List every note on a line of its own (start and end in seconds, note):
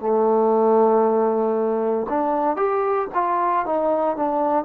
0.00 2.07 A3
2.09 2.56 D4
2.56 3.08 G4
3.14 3.66 F4
3.66 4.17 D#4
4.17 4.65 D4